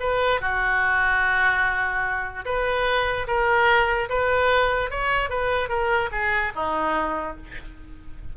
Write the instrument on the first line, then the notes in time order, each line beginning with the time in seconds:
oboe
0.00 B4
0.41 F#4
2.45 B4
3.27 A#4
4.09 B4
4.90 C#5
5.29 B4
5.69 A#4
6.12 G#4
6.55 D#4